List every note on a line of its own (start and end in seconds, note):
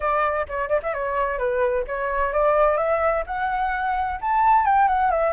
0.00 0.46 D5
0.48 0.68 C#5
0.68 0.80 D5
0.82 0.93 E5
0.93 1.38 C#5
1.38 1.85 B4
1.87 2.32 C#5
2.32 2.77 D5
2.77 3.23 E5
3.26 4.19 F#5
4.21 4.65 A5
4.65 4.88 G5
4.88 5.10 F#5
5.10 5.33 E5